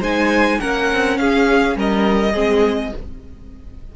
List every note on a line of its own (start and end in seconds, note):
0.00 0.58 G#3
0.00 0.60 D#4
0.00 0.58 C5
0.00 0.60 G#5
0.60 0.92 A#3
0.60 2.33 C#4
0.60 1.19 A#4
0.60 1.17 F#5
0.92 1.18 C4
1.17 1.75 C#4
1.17 1.77 G#4
1.17 1.76 F5
1.75 2.33 G3
1.75 2.32 A#4
1.75 2.96 D#5
2.32 2.92 G#3
2.32 2.91 C4
2.32 2.91 G#4